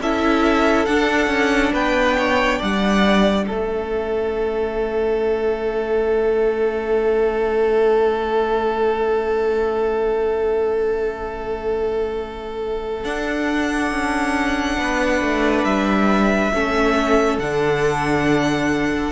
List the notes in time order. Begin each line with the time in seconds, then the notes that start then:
0.00 C#4 E4 A4 E5
0.86 D4 F#5
1.27 C#4
1.73 B3 B4 G5
2.18 C#5
2.59 G3 D5 F#5
3.47 A3 C#4 A4 E5
13.04 D4 F#5
13.91 C#4
14.78 B3 B4
15.21 A3
15.64 G3 E5
16.53 A3 C#4 A4
17.39 D3 D4 F#5